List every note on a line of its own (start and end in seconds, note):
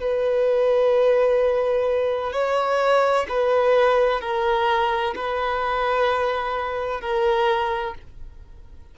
0.00 2.33 B4
2.33 3.26 C#5
3.29 4.21 B4
4.21 5.15 A#4
5.15 7.01 B4
7.01 7.94 A#4